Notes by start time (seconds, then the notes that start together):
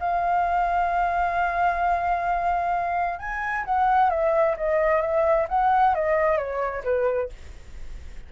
0.00 F5
3.19 G#5
3.65 F#5
4.10 E5
4.57 D#5
5.01 E5
5.49 F#5
5.95 D#5
6.37 C#5
6.84 B4